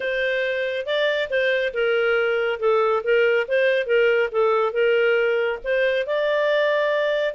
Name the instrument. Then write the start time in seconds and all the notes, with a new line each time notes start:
clarinet
0.00 C5
0.85 D5
1.29 C5
1.73 A#4
2.59 A4
3.03 A#4
3.48 C5
3.86 A#4
4.31 A4
4.72 A#4
5.64 C5
6.06 D5